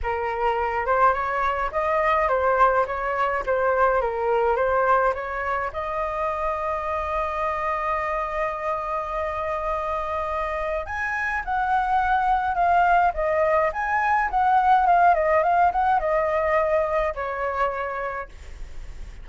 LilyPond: \new Staff \with { instrumentName = "flute" } { \time 4/4 \tempo 4 = 105 ais'4. c''8 cis''4 dis''4 | c''4 cis''4 c''4 ais'4 | c''4 cis''4 dis''2~ | dis''1~ |
dis''2. gis''4 | fis''2 f''4 dis''4 | gis''4 fis''4 f''8 dis''8 f''8 fis''8 | dis''2 cis''2 | }